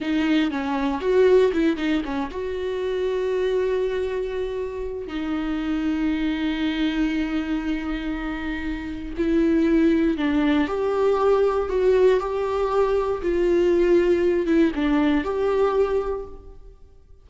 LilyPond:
\new Staff \with { instrumentName = "viola" } { \time 4/4 \tempo 4 = 118 dis'4 cis'4 fis'4 e'8 dis'8 | cis'8 fis'2.~ fis'8~ | fis'2 dis'2~ | dis'1~ |
dis'2 e'2 | d'4 g'2 fis'4 | g'2 f'2~ | f'8 e'8 d'4 g'2 | }